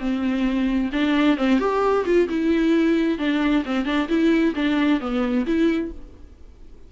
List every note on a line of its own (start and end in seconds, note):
0.00 0.91 C4
0.93 1.37 D4
1.37 1.60 C4
1.60 2.05 G4
2.06 2.29 F4
2.29 3.19 E4
3.19 3.64 D4
3.65 3.86 C4
3.86 4.08 D4
4.09 4.54 E4
4.56 5.01 D4
5.01 5.46 B3
5.46 5.92 E4